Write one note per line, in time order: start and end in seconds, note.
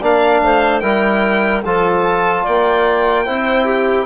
0.00 0.42 A#3
0.00 0.82 D4
0.00 0.41 D5
0.00 0.80 F5
0.42 0.83 A3
0.42 0.82 C5
0.80 1.64 G3
0.80 1.63 E4
0.80 1.63 A#4
0.80 1.61 G5
1.65 2.46 F3
1.65 3.26 F4
1.65 2.43 A4
1.65 2.46 A5
2.43 3.28 A#3
2.43 3.24 D5
2.43 4.06 G5
3.25 4.06 C4
3.25 4.06 E4
3.25 3.65 C5
3.65 4.06 G4